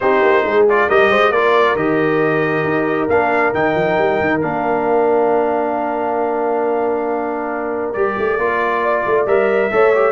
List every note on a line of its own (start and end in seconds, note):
0.00 0.22 C4
0.00 0.67 D#4
0.00 0.45 G4
0.00 0.66 C5
0.22 0.44 A#3
0.44 0.88 G#3
0.44 0.88 G#4
0.69 0.89 F4
0.69 0.89 D5
0.88 1.09 G3
0.88 1.33 G4
0.88 1.10 A#4
0.88 1.32 D#5
1.09 1.30 G#3
1.09 1.32 C5
1.30 1.74 A#3
1.30 1.77 F4
1.30 8.82 A#4
1.30 1.76 D5
1.75 2.63 D#3
1.75 3.09 G4
1.75 3.08 D#5
2.64 3.08 D#4
3.09 3.53 A#3
3.09 3.54 D4
3.09 3.53 F5
3.53 3.75 D#3
3.53 4.41 D#4
3.53 4.40 G5
3.75 3.97 F3
3.97 4.19 G3
4.20 4.42 D#3
4.40 7.95 A#3
4.40 7.94 D4
4.40 7.92 F5
7.92 8.17 G3
7.92 8.38 G4
7.92 9.25 D5
8.18 8.38 A3
8.38 9.04 A#3
8.38 9.26 F4
8.82 9.70 D5
9.06 9.26 A3
9.26 9.70 G3
9.26 9.71 A#4
9.26 10.12 E5
9.71 10.12 A3
9.71 9.93 A4
9.71 10.12 C#5
9.95 10.12 G4